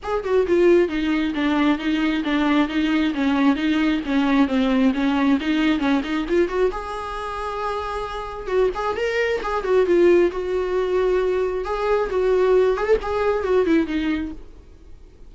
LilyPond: \new Staff \with { instrumentName = "viola" } { \time 4/4 \tempo 4 = 134 gis'8 fis'8 f'4 dis'4 d'4 | dis'4 d'4 dis'4 cis'4 | dis'4 cis'4 c'4 cis'4 | dis'4 cis'8 dis'8 f'8 fis'8 gis'4~ |
gis'2. fis'8 gis'8 | ais'4 gis'8 fis'8 f'4 fis'4~ | fis'2 gis'4 fis'4~ | fis'8 gis'16 a'16 gis'4 fis'8 e'8 dis'4 | }